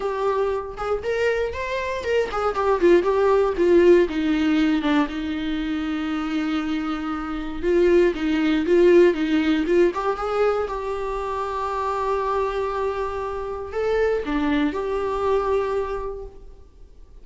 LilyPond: \new Staff \with { instrumentName = "viola" } { \time 4/4 \tempo 4 = 118 g'4. gis'8 ais'4 c''4 | ais'8 gis'8 g'8 f'8 g'4 f'4 | dis'4. d'8 dis'2~ | dis'2. f'4 |
dis'4 f'4 dis'4 f'8 g'8 | gis'4 g'2.~ | g'2. a'4 | d'4 g'2. | }